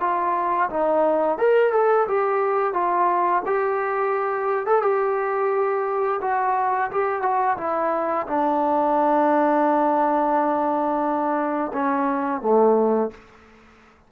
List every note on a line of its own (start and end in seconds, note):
0.00 0.69 F4
0.69 1.38 D#4
1.38 1.72 A#4
1.72 2.07 A4
2.08 2.73 G4
2.73 3.42 F4
3.45 4.66 G4
4.66 4.82 A4
4.82 6.20 G4
6.21 6.90 F#4
6.91 7.22 G4
7.22 7.56 F#4
7.57 8.26 E4
8.27 11.71 D4
11.73 12.41 C#4
12.41 13.10 A3